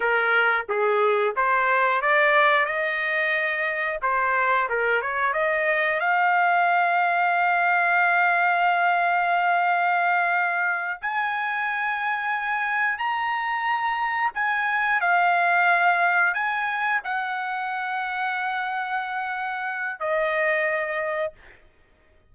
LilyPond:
\new Staff \with { instrumentName = "trumpet" } { \time 4/4 \tempo 4 = 90 ais'4 gis'4 c''4 d''4 | dis''2 c''4 ais'8 cis''8 | dis''4 f''2.~ | f''1~ |
f''8 gis''2. ais''8~ | ais''4. gis''4 f''4.~ | f''8 gis''4 fis''2~ fis''8~ | fis''2 dis''2 | }